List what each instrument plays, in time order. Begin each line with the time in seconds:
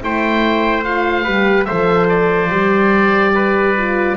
0.00 double bass A3, horn E4, trumpet C5, oboe G5
0.84 horn F4, oboe F5
1.24 double bass G3, horn G4, trumpet B4
1.65 double bass F3, horn A4, trumpet C5, oboe E5
2.09 oboe D5
2.50 double bass G3, horn G4
3.34 trumpet B4
3.78 horn F4